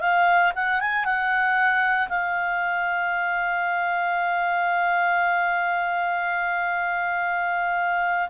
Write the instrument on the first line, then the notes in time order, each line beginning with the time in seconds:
clarinet
0.00 F5
0.55 F#5
0.80 G#5
1.04 F#5
2.08 F5